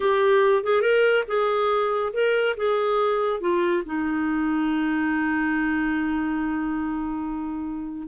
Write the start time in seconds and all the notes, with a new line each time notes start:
0.00 G4
0.63 G#4
0.81 A#4
1.27 G#4
2.13 A#4
2.56 G#4
3.40 F4
3.85 D#4